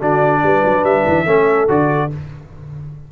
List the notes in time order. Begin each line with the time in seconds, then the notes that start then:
0.00 D3 D4 F#4 D5
0.43 G3 B4
0.65 F#3
0.84 G3 E5
1.08 E3
1.26 A3 C#4 A4
1.68 D3 F#4 D5